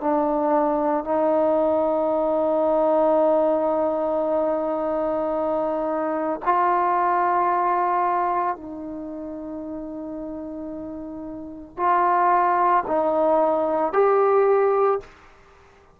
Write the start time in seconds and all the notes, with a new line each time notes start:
0.00 D4
1.04 D#4
6.44 F4
8.56 D#4
11.76 F4
12.87 D#4
13.92 G4